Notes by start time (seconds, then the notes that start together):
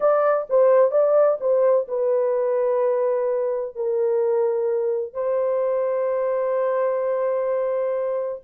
0.00 D5
0.49 C5
0.91 D5
1.40 C5
1.87 B4
3.75 A#4
5.13 C5